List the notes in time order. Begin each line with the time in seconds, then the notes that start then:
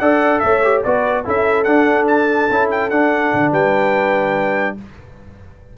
0.00 D4 A4 D5 F#5
0.40 A3 C#5 E5
0.64 G4
0.84 B3 F#4 B4 D5
1.25 C#4 E4 A4 E5
1.64 D4 F#5
2.07 A5
2.51 C#4 E4
2.71 G5
2.90 D4 F#5
3.34 D3
3.52 G3 B4 G5